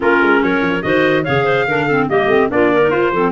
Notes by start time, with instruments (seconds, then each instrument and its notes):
0.00 tuba A#3, clarinet C#4 F4, trumpet A#4
0.22 tuba G#3
0.42 tuba F#3, clarinet A#4, trumpet C#5
0.61 tuba F3
0.81 tuba D#3, clarinet F#4 C5, trumpet D#5
1.24 tuba C#3, clarinet G#4 C#5, trumpet F5
1.44 clarinet C5
1.67 tuba D3, clarinet D4 A#4
1.86 clarinet C4 A4
2.08 tuba G3, clarinet A#3 G4, trumpet D#5
2.26 tuba A3, clarinet C4
2.49 tuba A#3, clarinet D4 F4, trumpet D5
2.72 clarinet A#4
2.81 clarinet D#4
2.90 clarinet F4, tuba F4, trumpet C5
3.11 tuba F3, clarinet C4 A4